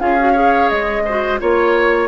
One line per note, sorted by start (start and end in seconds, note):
0.00 0.71 C#4
0.00 0.17 F4
0.00 0.33 G#4
0.00 0.70 F5
0.19 0.35 F#4
0.33 1.05 G#4
0.33 1.03 C#5
0.70 1.41 G#3
0.70 1.39 D#5
1.05 1.39 F#4
1.05 1.40 C5
1.39 2.08 A#3
1.39 2.08 F4
1.39 2.08 C#5